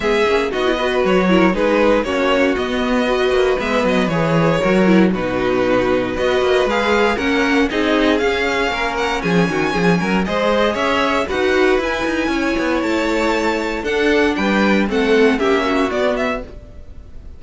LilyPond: <<
  \new Staff \with { instrumentName = "violin" } { \time 4/4 \tempo 4 = 117 e''4 dis''4 cis''4 b'4 | cis''4 dis''2 e''8 dis''8 | cis''2 b'2 | dis''4 f''4 fis''4 dis''4 |
f''4. fis''8 gis''2 | dis''4 e''4 fis''4 gis''4~ | gis''4 a''2 fis''4 | g''4 fis''4 e''4 d''8 e''8 | }
  \new Staff \with { instrumentName = "violin" } { \time 4/4 gis'4 fis'8 b'4 ais'8 gis'4 | fis'2 b'2~ | b'4 ais'4 fis'2 | b'2 ais'4 gis'4~ |
gis'4 ais'4 gis'8 fis'8 gis'8 ais'8 | c''4 cis''4 b'2 | cis''2. a'4 | b'4 a'4 g'8 fis'4. | }
  \new Staff \with { instrumentName = "viola" } { \time 4/4 b8 cis'8 dis'16 e'16 fis'4 e'8 dis'4 | cis'4 b4 fis'4 b4 | gis'4 fis'8 e'8 dis'2 | fis'4 gis'4 cis'4 dis'4 |
cis'1 | gis'2 fis'4 e'4~ | e'2. d'4~ | d'4 c'4 cis'4 b4 | }
  \new Staff \with { instrumentName = "cello" } { \time 4/4 gis8 ais8 b4 fis4 gis4 | ais4 b4. ais8 gis8 fis8 | e4 fis4 b,2 | b8 ais8 gis4 ais4 c'4 |
cis'4 ais4 f8 dis8 f8 fis8 | gis4 cis'4 dis'4 e'8 dis'8 | cis'8 b8 a2 d'4 | g4 a4 ais4 b4 | }
>>